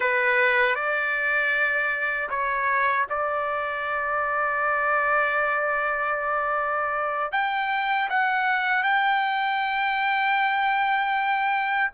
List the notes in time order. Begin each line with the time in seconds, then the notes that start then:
0.00 B4
0.75 D5
2.29 C#5
3.09 D5
7.31 G5
8.09 F#5
8.83 G5